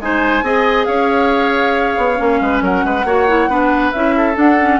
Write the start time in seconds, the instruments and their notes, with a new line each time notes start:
0.00 bassoon G#3, clarinet D#4, oboe C5, flute G#5
0.42 bassoon C4, clarinet G#4, oboe D#5
0.85 bassoon C#4, oboe C#5, flute F5
1.97 bassoon B3
2.15 bassoon A#3, clarinet C#4
2.40 bassoon G#3, oboe B4
2.61 bassoon F#3, oboe A#4, flute F#5
2.84 bassoon G#3, oboe B4
3.04 bassoon A#3, clarinet F#4, oboe C#5
3.28 clarinet E4
3.48 bassoon B3, clarinet D4, oboe B4
3.91 bassoon C#4, clarinet E4, flute E5
4.17 oboe A4
4.34 clarinet D4, bassoon D4, flute F#5
4.61 clarinet C#4